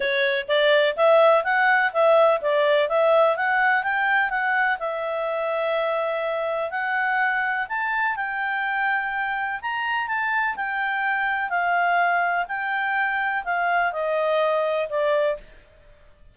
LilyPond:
\new Staff \with { instrumentName = "clarinet" } { \time 4/4 \tempo 4 = 125 cis''4 d''4 e''4 fis''4 | e''4 d''4 e''4 fis''4 | g''4 fis''4 e''2~ | e''2 fis''2 |
a''4 g''2. | ais''4 a''4 g''2 | f''2 g''2 | f''4 dis''2 d''4 | }